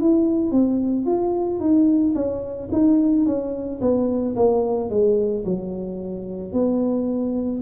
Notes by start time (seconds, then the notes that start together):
0.00 E4
0.52 C4
1.06 F4
1.60 D#4
2.15 C#4
2.72 D#4
3.26 C#4
3.81 B3
4.36 A#3
4.90 G#3
5.45 F#3
6.53 B3